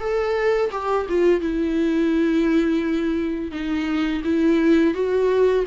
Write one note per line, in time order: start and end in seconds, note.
0.00 0.71 A4
0.72 1.07 G4
1.09 1.41 F4
1.41 3.52 E4
3.52 4.22 D#4
4.24 4.94 E4
4.94 5.65 F#4